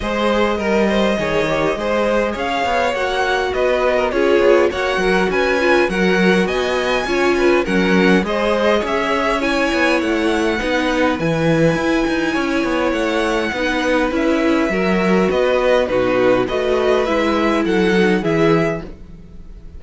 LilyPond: <<
  \new Staff \with { instrumentName = "violin" } { \time 4/4 \tempo 4 = 102 dis''1 | f''4 fis''4 dis''4 cis''4 | fis''4 gis''4 fis''4 gis''4~ | gis''4 fis''4 dis''4 e''4 |
gis''4 fis''2 gis''4~ | gis''2 fis''2 | e''2 dis''4 b'4 | dis''4 e''4 fis''4 e''4 | }
  \new Staff \with { instrumentName = "violin" } { \time 4/4 c''4 ais'8 c''8 cis''4 c''4 | cis''2 b'8. ais'16 gis'4 | cis''8 ais'8 b'4 ais'4 dis''4 | cis''8 b'8 ais'4 c''4 cis''4~ |
cis''2 b'2~ | b'4 cis''2 b'4~ | b'4 ais'4 b'4 fis'4 | b'2 a'4 gis'4 | }
  \new Staff \with { instrumentName = "viola" } { \time 4/4 gis'4 ais'4 gis'8 g'8 gis'4~ | gis'4 fis'2 f'4 | fis'4. f'8 fis'2 | f'4 cis'4 gis'2 |
e'2 dis'4 e'4~ | e'2. dis'4 | e'4 fis'2 dis'4 | fis'4 e'4. dis'8 e'4 | }
  \new Staff \with { instrumentName = "cello" } { \time 4/4 gis4 g4 dis4 gis4 | cis'8 b8 ais4 b4 cis'8 b8 | ais8 fis8 cis'4 fis4 b4 | cis'4 fis4 gis4 cis'4~ |
cis'8 b8 a4 b4 e4 | e'8 dis'8 cis'8 b8 a4 b4 | cis'4 fis4 b4 b,4 | a4 gis4 fis4 e4 | }
>>